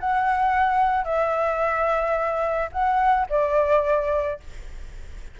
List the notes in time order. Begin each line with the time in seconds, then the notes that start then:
0.00 F#5
1.04 E5
2.72 F#5
3.30 D5